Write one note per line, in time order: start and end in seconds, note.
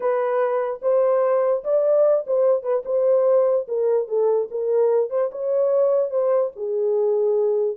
0.00 0.80 B4
0.82 1.63 C5
1.64 2.25 D5
2.27 2.62 C5
2.62 2.83 B4
2.85 3.67 C5
3.68 4.07 A#4
4.07 4.48 A4
4.50 5.10 A#4
5.10 5.30 C5
5.31 6.10 C#5
6.10 6.51 C5
6.55 7.76 G#4